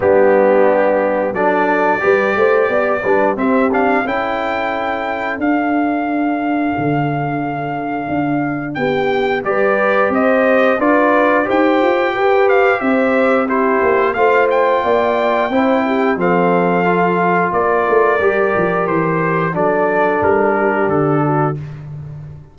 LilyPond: <<
  \new Staff \with { instrumentName = "trumpet" } { \time 4/4 \tempo 4 = 89 g'2 d''2~ | d''4 e''8 f''8 g''2 | f''1~ | f''4 g''4 d''4 dis''4 |
d''4 g''4. f''8 e''4 | c''4 f''8 g''2~ g''8 | f''2 d''2 | c''4 d''4 ais'4 a'4 | }
  \new Staff \with { instrumentName = "horn" } { \time 4/4 d'2 a'4 b'8 c''8 | d''8 b'8 g'4 a'2~ | a'1~ | a'4 g'4 b'4 c''4 |
b'4 c''4 b'4 c''4 | g'4 c''4 d''4 c''8 g'8 | a'2 ais'2~ | ais'4 a'4. g'4 fis'8 | }
  \new Staff \with { instrumentName = "trombone" } { \time 4/4 b2 d'4 g'4~ | g'8 d'8 c'8 d'8 e'2 | d'1~ | d'2 g'2 |
f'4 g'2. | e'4 f'2 e'4 | c'4 f'2 g'4~ | g'4 d'2. | }
  \new Staff \with { instrumentName = "tuba" } { \time 4/4 g2 fis4 g8 a8 | b8 g8 c'4 cis'2 | d'2 d2 | d'4 b4 g4 c'4 |
d'4 dis'8 f'8 g'4 c'4~ | c'8 ais8 a4 ais4 c'4 | f2 ais8 a8 g8 f8 | e4 fis4 g4 d4 | }
>>